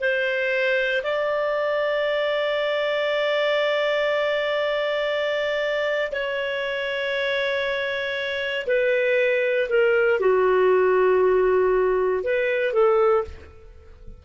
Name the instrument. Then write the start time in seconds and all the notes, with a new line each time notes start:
clarinet
0.00 C5
1.03 D5
6.12 C#5
8.67 B4
9.69 A#4
10.20 F#4
12.24 B4
12.73 A4